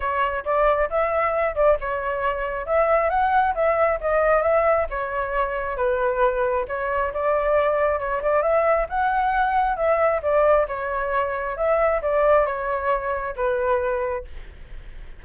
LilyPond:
\new Staff \with { instrumentName = "flute" } { \time 4/4 \tempo 4 = 135 cis''4 d''4 e''4. d''8 | cis''2 e''4 fis''4 | e''4 dis''4 e''4 cis''4~ | cis''4 b'2 cis''4 |
d''2 cis''8 d''8 e''4 | fis''2 e''4 d''4 | cis''2 e''4 d''4 | cis''2 b'2 | }